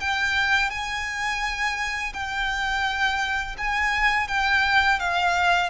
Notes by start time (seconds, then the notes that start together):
0.00 G5
0.70 G#5
2.13 G5
3.57 G#5
4.28 G5
4.99 F5